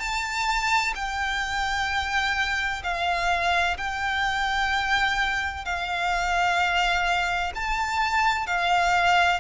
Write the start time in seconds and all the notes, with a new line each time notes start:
0.00 A5
0.95 G5
2.83 F5
3.78 G5
5.65 F5
7.55 A5
8.47 F5